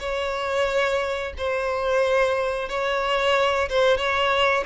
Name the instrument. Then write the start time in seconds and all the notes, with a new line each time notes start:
violin
0.00 C#5
1.38 C5
2.69 C#5
3.70 C5
3.98 C#5